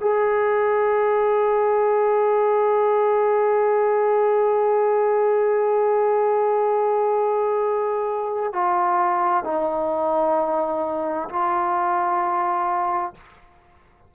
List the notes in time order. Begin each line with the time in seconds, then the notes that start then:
0.00 G#4
8.53 F4
9.44 D#4
11.29 F4